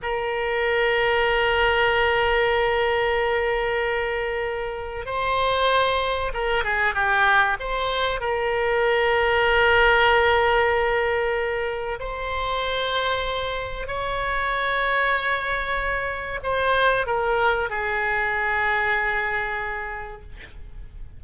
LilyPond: \new Staff \with { instrumentName = "oboe" } { \time 4/4 \tempo 4 = 95 ais'1~ | ais'1 | c''2 ais'8 gis'8 g'4 | c''4 ais'2.~ |
ais'2. c''4~ | c''2 cis''2~ | cis''2 c''4 ais'4 | gis'1 | }